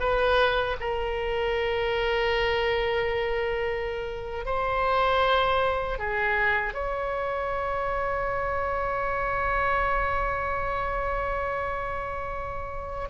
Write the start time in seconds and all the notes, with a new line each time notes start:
0.00 B4
0.80 A#4
4.46 C5
5.99 G#4
6.74 C#5